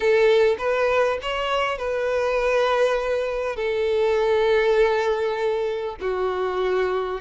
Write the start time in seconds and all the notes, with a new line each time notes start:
0.00 A4
0.58 B4
1.22 C#5
1.78 B4
3.56 A4
6.00 F#4